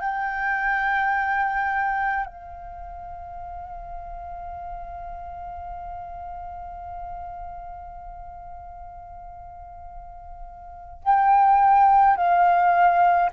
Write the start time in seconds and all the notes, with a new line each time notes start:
0.00 G5
2.25 F5
11.03 G5
12.16 F5